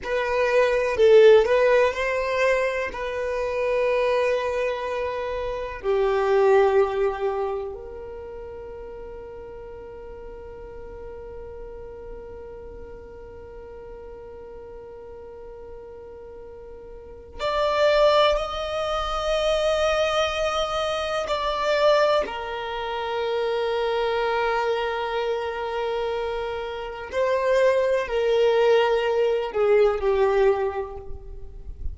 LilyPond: \new Staff \with { instrumentName = "violin" } { \time 4/4 \tempo 4 = 62 b'4 a'8 b'8 c''4 b'4~ | b'2 g'2 | ais'1~ | ais'1~ |
ais'2 d''4 dis''4~ | dis''2 d''4 ais'4~ | ais'1 | c''4 ais'4. gis'8 g'4 | }